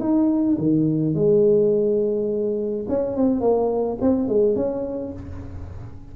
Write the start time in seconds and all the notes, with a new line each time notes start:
0.00 D#4
0.58 D#3
1.15 G#3
2.89 C#4
3.17 C4
3.41 A#3
4.01 C4
4.28 G#3
4.56 C#4